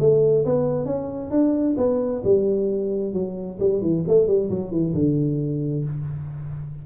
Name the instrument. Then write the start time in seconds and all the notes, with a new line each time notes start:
tuba
0.00 A3
0.46 B3
0.86 C#4
1.31 D4
1.78 B3
2.24 G3
3.14 F#3
3.60 G3
3.82 E3
4.08 A3
4.28 G3
4.51 F#3
4.72 E3
4.94 D3